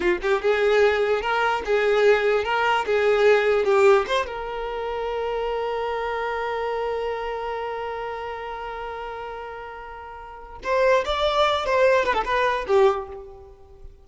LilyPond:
\new Staff \with { instrumentName = "violin" } { \time 4/4 \tempo 4 = 147 f'8 g'8 gis'2 ais'4 | gis'2 ais'4 gis'4~ | gis'4 g'4 c''8 ais'4.~ | ais'1~ |
ais'1~ | ais'1~ | ais'2 c''4 d''4~ | d''8 c''4 b'16 a'16 b'4 g'4 | }